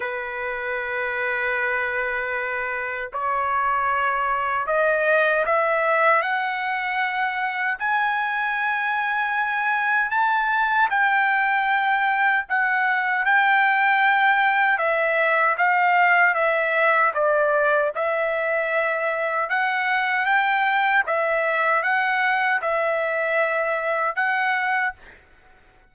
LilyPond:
\new Staff \with { instrumentName = "trumpet" } { \time 4/4 \tempo 4 = 77 b'1 | cis''2 dis''4 e''4 | fis''2 gis''2~ | gis''4 a''4 g''2 |
fis''4 g''2 e''4 | f''4 e''4 d''4 e''4~ | e''4 fis''4 g''4 e''4 | fis''4 e''2 fis''4 | }